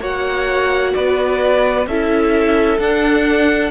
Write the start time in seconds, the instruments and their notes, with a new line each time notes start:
0.00 cello A#3, viola F#4, violin C#5 F#5
0.95 cello B3, violin B4 D5
1.87 cello C#4, viola E4, violin A4 E5
2.79 cello D4, viola D4, violin F#5